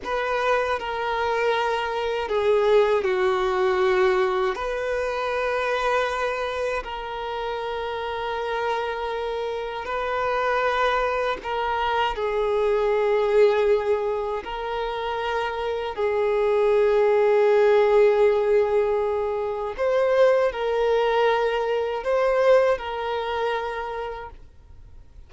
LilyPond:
\new Staff \with { instrumentName = "violin" } { \time 4/4 \tempo 4 = 79 b'4 ais'2 gis'4 | fis'2 b'2~ | b'4 ais'2.~ | ais'4 b'2 ais'4 |
gis'2. ais'4~ | ais'4 gis'2.~ | gis'2 c''4 ais'4~ | ais'4 c''4 ais'2 | }